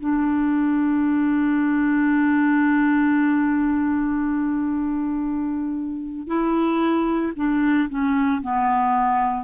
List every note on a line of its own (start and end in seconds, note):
0.00 6.27 D4
6.27 7.33 E4
7.36 7.89 D4
7.89 8.42 C#4
8.42 9.44 B3